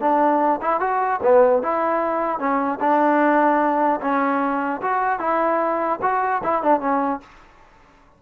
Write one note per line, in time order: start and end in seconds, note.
0.00 0.60 D4
0.61 0.80 E4
0.80 1.20 F#4
1.23 1.62 B3
1.62 2.39 E4
2.39 2.79 C#4
2.80 4.00 D4
4.01 4.81 C#4
4.81 5.19 F#4
5.19 5.99 E4
6.02 6.42 F#4
6.43 6.62 E4
6.62 6.80 D4
6.80 7.20 C#4